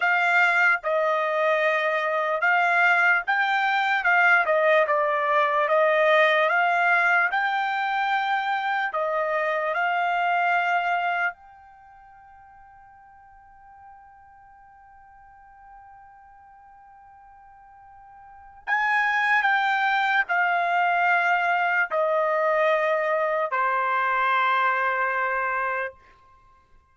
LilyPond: \new Staff \with { instrumentName = "trumpet" } { \time 4/4 \tempo 4 = 74 f''4 dis''2 f''4 | g''4 f''8 dis''8 d''4 dis''4 | f''4 g''2 dis''4 | f''2 g''2~ |
g''1~ | g''2. gis''4 | g''4 f''2 dis''4~ | dis''4 c''2. | }